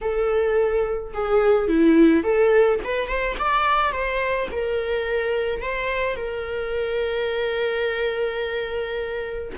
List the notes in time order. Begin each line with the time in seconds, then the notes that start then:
0.01 A4
1.13 G#4
1.67 E4
2.23 A4
2.83 B4
3.07 C5
3.38 D5
3.92 C5
4.51 A#4
5.62 C5
6.16 A#4